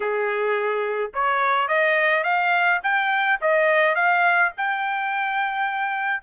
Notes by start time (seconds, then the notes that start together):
0.00 G#4
1.14 C#5
1.67 D#5
2.23 F5
2.83 G5
3.41 D#5
3.95 F5
4.57 G5